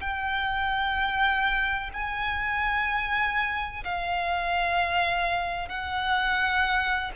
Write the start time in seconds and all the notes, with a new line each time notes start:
0.00 G5
1.94 G#5
3.84 F5
5.68 F#5